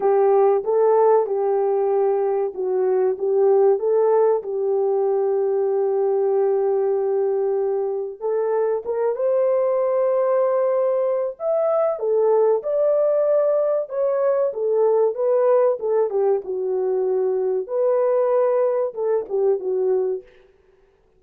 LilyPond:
\new Staff \with { instrumentName = "horn" } { \time 4/4 \tempo 4 = 95 g'4 a'4 g'2 | fis'4 g'4 a'4 g'4~ | g'1~ | g'4 a'4 ais'8 c''4.~ |
c''2 e''4 a'4 | d''2 cis''4 a'4 | b'4 a'8 g'8 fis'2 | b'2 a'8 g'8 fis'4 | }